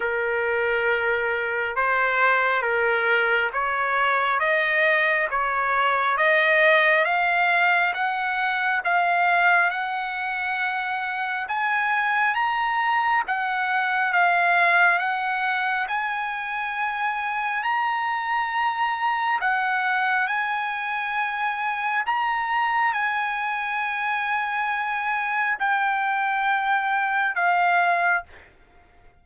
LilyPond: \new Staff \with { instrumentName = "trumpet" } { \time 4/4 \tempo 4 = 68 ais'2 c''4 ais'4 | cis''4 dis''4 cis''4 dis''4 | f''4 fis''4 f''4 fis''4~ | fis''4 gis''4 ais''4 fis''4 |
f''4 fis''4 gis''2 | ais''2 fis''4 gis''4~ | gis''4 ais''4 gis''2~ | gis''4 g''2 f''4 | }